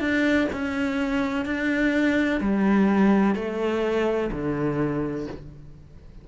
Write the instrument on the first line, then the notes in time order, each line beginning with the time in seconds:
cello
0.00 D4
0.53 C#4
1.45 D4
2.41 G3
3.35 A3
4.32 D3